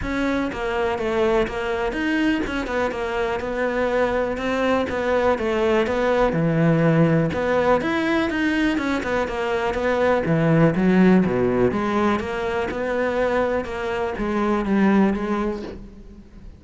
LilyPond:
\new Staff \with { instrumentName = "cello" } { \time 4/4 \tempo 4 = 123 cis'4 ais4 a4 ais4 | dis'4 cis'8 b8 ais4 b4~ | b4 c'4 b4 a4 | b4 e2 b4 |
e'4 dis'4 cis'8 b8 ais4 | b4 e4 fis4 b,4 | gis4 ais4 b2 | ais4 gis4 g4 gis4 | }